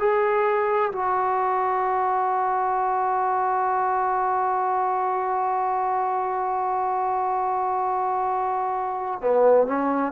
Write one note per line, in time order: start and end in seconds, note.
0.00 0.92 G#4
0.93 9.22 F#4
9.22 9.67 B3
9.67 10.12 C#4